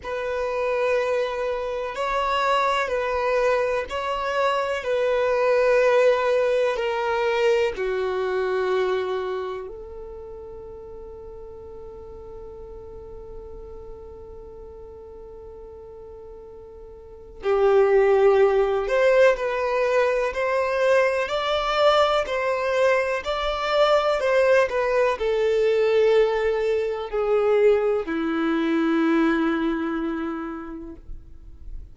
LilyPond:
\new Staff \with { instrumentName = "violin" } { \time 4/4 \tempo 4 = 62 b'2 cis''4 b'4 | cis''4 b'2 ais'4 | fis'2 a'2~ | a'1~ |
a'2 g'4. c''8 | b'4 c''4 d''4 c''4 | d''4 c''8 b'8 a'2 | gis'4 e'2. | }